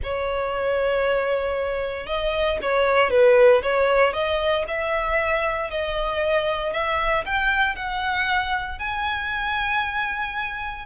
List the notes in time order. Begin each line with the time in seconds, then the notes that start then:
0.03 C#5
2.06 D#5
2.61 C#5
3.10 B4
3.62 C#5
4.13 D#5
4.67 E5
5.70 D#5
6.72 E5
7.25 G5
7.75 F#5
8.79 G#5